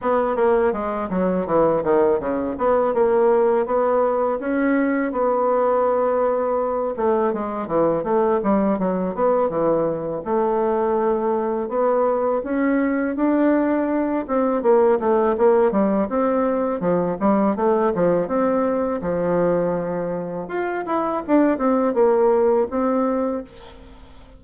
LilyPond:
\new Staff \with { instrumentName = "bassoon" } { \time 4/4 \tempo 4 = 82 b8 ais8 gis8 fis8 e8 dis8 cis8 b8 | ais4 b4 cis'4 b4~ | b4. a8 gis8 e8 a8 g8 | fis8 b8 e4 a2 |
b4 cis'4 d'4. c'8 | ais8 a8 ais8 g8 c'4 f8 g8 | a8 f8 c'4 f2 | f'8 e'8 d'8 c'8 ais4 c'4 | }